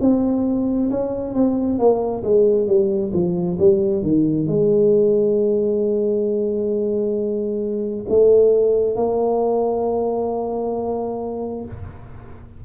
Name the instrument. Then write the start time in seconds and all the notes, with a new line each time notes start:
tuba
0.00 C4
0.90 C#4
1.34 C4
1.78 A#3
2.23 G#3
2.67 G3
3.13 F3
3.59 G3
4.02 D#3
4.47 G#3
8.08 A3
8.96 A#3